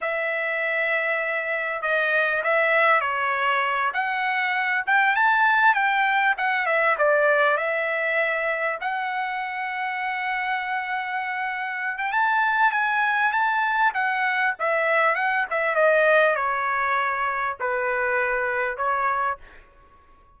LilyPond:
\new Staff \with { instrumentName = "trumpet" } { \time 4/4 \tempo 4 = 99 e''2. dis''4 | e''4 cis''4. fis''4. | g''8 a''4 g''4 fis''8 e''8 d''8~ | d''8 e''2 fis''4.~ |
fis''2.~ fis''8. g''16 | a''4 gis''4 a''4 fis''4 | e''4 fis''8 e''8 dis''4 cis''4~ | cis''4 b'2 cis''4 | }